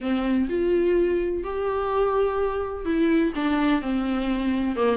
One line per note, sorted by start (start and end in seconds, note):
0.00 0.48 C4
0.49 1.43 F4
1.43 2.85 G4
2.85 3.32 E4
3.35 3.81 D4
3.81 4.76 C4
4.76 4.97 A#3